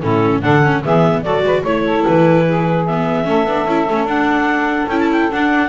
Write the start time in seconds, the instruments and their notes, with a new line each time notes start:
0.00 double bass A2, viola C#4, saxophone E4, clarinet A4
0.41 double bass D3, viola D4, saxophone A4, clarinet F#5
0.62 viola C#4
0.83 double bass E3, viola B3, saxophone G#4, clarinet E5
1.22 double bass F#3, viola F#4, saxophone A4, clarinet D5
1.42 double bass G#3, saxophone B4
1.62 double bass A3, viola E4, saxophone C#5, clarinet C#5
1.85 saxophone A4
2.04 double bass E3, clarinet B4
2.47 saxophone G#4
2.86 viola B3, clarinet E5
3.24 double bass A3, viola C#4, saxophone A4
3.44 double bass B3, viola D4
3.65 double bass C#4, viola E4
3.87 double bass A3, viola C#4
4.04 double bass D4, viola D4, clarinet F#5
4.87 double bass C#4, viola E4, clarinet G5
4.99 clarinet A5
5.11 clarinet G5
5.31 viola D4, double bass D4, clarinet F#5